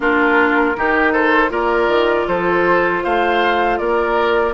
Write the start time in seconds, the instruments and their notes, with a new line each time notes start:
0.00 bassoon A#3, clarinet D4, oboe F4, flute A#4
0.75 bassoon D#3, clarinet D#4, oboe G4
1.12 oboe A4, flute C5
1.49 bassoon A#3, clarinet F4, oboe A#4, flute D5
1.87 bassoon D#3
2.27 bassoon F3, oboe A4, flute C5
3.03 bassoon A3, oboe C5, flute F5
3.77 bassoon A#3, oboe A#4, flute D5